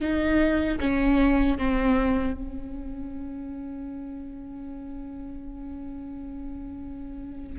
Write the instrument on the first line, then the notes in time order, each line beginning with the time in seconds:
viola
0.00 D#4
0.80 C#4
1.58 C4
2.33 C#4